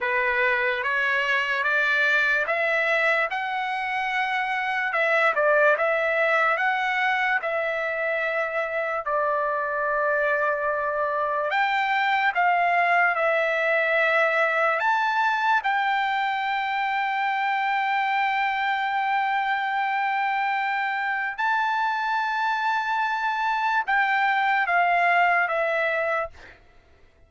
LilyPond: \new Staff \with { instrumentName = "trumpet" } { \time 4/4 \tempo 4 = 73 b'4 cis''4 d''4 e''4 | fis''2 e''8 d''8 e''4 | fis''4 e''2 d''4~ | d''2 g''4 f''4 |
e''2 a''4 g''4~ | g''1~ | g''2 a''2~ | a''4 g''4 f''4 e''4 | }